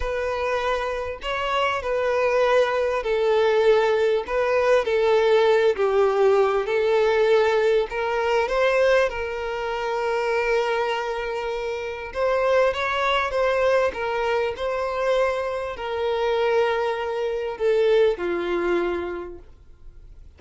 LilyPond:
\new Staff \with { instrumentName = "violin" } { \time 4/4 \tempo 4 = 99 b'2 cis''4 b'4~ | b'4 a'2 b'4 | a'4. g'4. a'4~ | a'4 ais'4 c''4 ais'4~ |
ais'1 | c''4 cis''4 c''4 ais'4 | c''2 ais'2~ | ais'4 a'4 f'2 | }